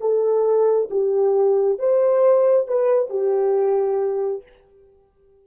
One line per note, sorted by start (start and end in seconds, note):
0.00 0.89 A4
0.90 1.78 G4
1.78 2.67 C5
2.68 3.09 B4
3.09 4.43 G4